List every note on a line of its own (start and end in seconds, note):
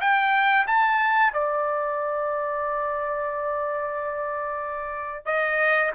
0.00 0.66 G5
0.67 1.33 A5
1.33 5.25 D5
5.25 5.91 D#5